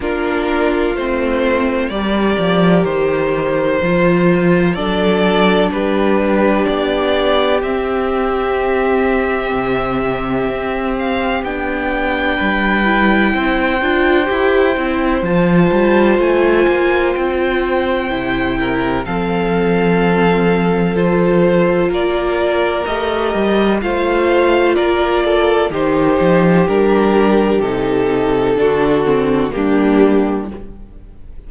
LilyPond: <<
  \new Staff \with { instrumentName = "violin" } { \time 4/4 \tempo 4 = 63 ais'4 c''4 d''4 c''4~ | c''4 d''4 b'4 d''4 | e''2.~ e''8 f''8 | g''1 |
a''4 gis''4 g''2 | f''2 c''4 d''4 | dis''4 f''4 d''4 c''4 | ais'4 a'2 g'4 | }
  \new Staff \with { instrumentName = "violin" } { \time 4/4 f'2 ais'2~ | ais'4 a'4 g'2~ | g'1~ | g'4 b'4 c''2~ |
c''2.~ c''8 ais'8 | a'2. ais'4~ | ais'4 c''4 ais'8 a'8 g'4~ | g'2 fis'4 d'4 | }
  \new Staff \with { instrumentName = "viola" } { \time 4/4 d'4 c'4 g'2 | f'4 d'2. | c'1 | d'4. e'4 f'8 g'8 e'8 |
f'2. e'4 | c'2 f'2 | g'4 f'2 dis'4 | d'4 dis'4 d'8 c'8 ais4 | }
  \new Staff \with { instrumentName = "cello" } { \time 4/4 ais4 a4 g8 f8 dis4 | f4 fis4 g4 b4 | c'2 c4 c'4 | b4 g4 c'8 d'8 e'8 c'8 |
f8 g8 a8 ais8 c'4 c4 | f2. ais4 | a8 g8 a4 ais4 dis8 f8 | g4 c4 d4 g4 | }
>>